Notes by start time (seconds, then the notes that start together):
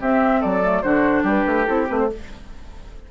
0.00 C4 G4 E5
0.40 F#3 A4 D5
0.62 A3
0.82 D3 D4 F#4 C5
1.23 G3 G4 B4
1.46 A3
1.65 C4 E4 A4
1.87 A3 C4 B4
1.99 C5